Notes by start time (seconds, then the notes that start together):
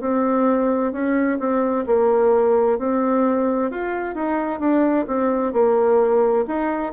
0.00 C4
0.92 C#4
1.39 C4
1.86 A#3
2.78 C4
3.70 F4
4.15 D#4
4.59 D4
5.07 C4
5.53 A#3
6.47 D#4